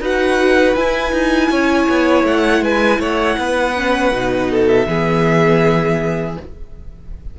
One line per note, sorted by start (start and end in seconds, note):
0.00 0.75 D#4
0.00 0.76 F#4
0.00 1.50 B4
0.00 0.75 F#5
0.75 1.12 E4
0.75 3.76 E4
0.75 2.25 G#5
1.12 1.50 D#4
1.50 1.88 C#4
1.50 2.62 C#5
1.89 2.24 B3
2.24 2.61 A3
2.24 2.64 F#5
2.61 2.99 G#3
2.61 3.00 B4
2.61 3.01 G#5
2.99 3.36 A3
2.99 3.37 C#5
2.99 4.67 F#5
3.38 4.11 B3
3.38 4.50 B4
3.76 4.13 C#4
4.11 4.86 B2
4.11 4.87 D#4
4.50 4.88 A4
4.67 6.36 E5
4.87 6.37 E3
4.87 6.37 B3
4.87 6.39 G#4